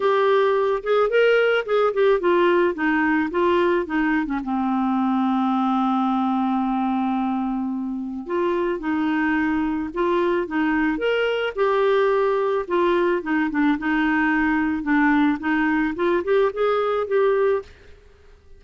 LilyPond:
\new Staff \with { instrumentName = "clarinet" } { \time 4/4 \tempo 4 = 109 g'4. gis'8 ais'4 gis'8 g'8 | f'4 dis'4 f'4 dis'8. cis'16 | c'1~ | c'2. f'4 |
dis'2 f'4 dis'4 | ais'4 g'2 f'4 | dis'8 d'8 dis'2 d'4 | dis'4 f'8 g'8 gis'4 g'4 | }